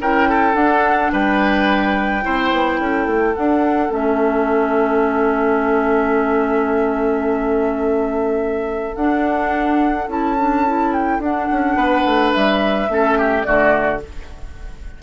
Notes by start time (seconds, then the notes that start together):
0.00 C#4 E4 A#4 G5
0.29 A4
0.54 D4 F#5
1.12 G3 B4 G5
2.22 C4 E4 C5
2.52 B3
2.79 C#4 A4
3.06 A3
3.35 D4 F#5
3.89 A3 C#4 E5
8.95 D4 F#5
10.08 C#4 E4 A5
10.38 D4
10.66 E4
10.93 G5
11.19 D4 F#5
11.51 C#4
11.76 B3 B4
12.05 A3
12.32 G3 E5
12.88 A3 C#4 A4
13.18 G4
13.43 D3 A3 F#4 D5